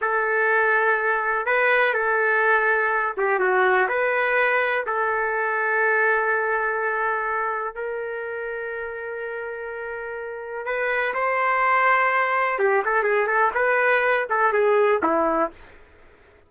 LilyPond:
\new Staff \with { instrumentName = "trumpet" } { \time 4/4 \tempo 4 = 124 a'2. b'4 | a'2~ a'8 g'8 fis'4 | b'2 a'2~ | a'1 |
ais'1~ | ais'2 b'4 c''4~ | c''2 g'8 a'8 gis'8 a'8 | b'4. a'8 gis'4 e'4 | }